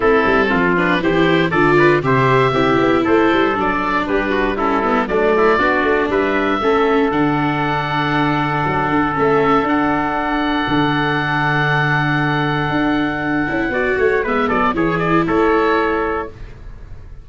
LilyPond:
<<
  \new Staff \with { instrumentName = "oboe" } { \time 4/4 \tempo 4 = 118 a'4. b'8 c''4 d''4 | e''2 c''4 d''4 | b'4 a'4 d''2 | e''2 fis''2~ |
fis''2 e''4 fis''4~ | fis''1~ | fis''1 | e''8 d''8 cis''8 d''8 cis''2 | }
  \new Staff \with { instrumentName = "trumpet" } { \time 4/4 e'4 f'4 g'4 a'8 b'8 | c''4 g'4 a'2 | g'8 fis'8 e'4 d'8 e'8 fis'4 | b'4 a'2.~ |
a'1~ | a'1~ | a'2. d''8 cis''8 | b'8 a'8 gis'4 a'2 | }
  \new Staff \with { instrumentName = "viola" } { \time 4/4 c'4. d'8 e'4 f'4 | g'4 e'2 d'4~ | d'4 cis'8 b8 a4 d'4~ | d'4 cis'4 d'2~ |
d'2 cis'4 d'4~ | d'1~ | d'2~ d'8 e'8 fis'4 | b4 e'2. | }
  \new Staff \with { instrumentName = "tuba" } { \time 4/4 a8 g8 f4 e4 d4 | c4 c'8 b8 a8 g8 fis4 | g2 fis4 b8 a8 | g4 a4 d2~ |
d4 fis8 d8 a4 d'4~ | d'4 d2.~ | d4 d'4. cis'8 b8 a8 | gis8 fis8 e4 a2 | }
>>